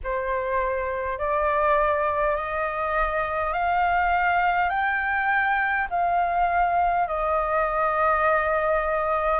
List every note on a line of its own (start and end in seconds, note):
0.03 1.18 C5
1.18 2.35 D5
2.35 3.53 D#5
3.53 4.70 F5
4.70 5.87 G5
5.89 7.07 F5
7.07 9.40 D#5